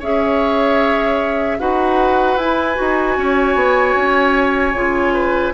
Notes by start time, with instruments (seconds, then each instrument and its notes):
0.00 bassoon C#4, clarinet G#4, oboe C#5, flute E5
1.59 bassoon D#4, clarinet F#4, oboe B4, flute F#5
2.37 bassoon E4, clarinet E4, flute G#5
2.75 bassoon D#4, clarinet F#4
3.18 bassoon C#4, oboe C#5
3.55 bassoon B3
3.96 bassoon C#4
4.74 bassoon C#3, clarinet F4
5.14 oboe B4